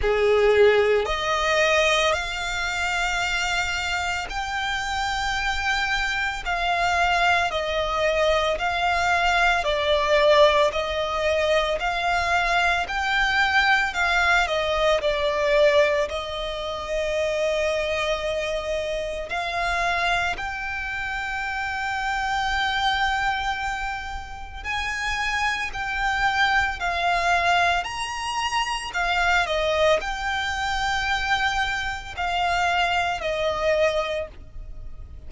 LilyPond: \new Staff \with { instrumentName = "violin" } { \time 4/4 \tempo 4 = 56 gis'4 dis''4 f''2 | g''2 f''4 dis''4 | f''4 d''4 dis''4 f''4 | g''4 f''8 dis''8 d''4 dis''4~ |
dis''2 f''4 g''4~ | g''2. gis''4 | g''4 f''4 ais''4 f''8 dis''8 | g''2 f''4 dis''4 | }